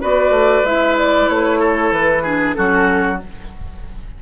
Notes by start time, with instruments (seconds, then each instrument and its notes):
0.00 bassoon B3, clarinet F#4, oboe B4, flute D5
0.30 bassoon A3
0.63 bassoon G#3, clarinet E4, flute E5
0.97 flute D5
1.28 bassoon A3, flute C#5
1.59 oboe A4
1.91 bassoon E3, flute B4
2.22 clarinet D4, oboe G#4
2.54 bassoon F#3, clarinet C#4, oboe F#4, flute A4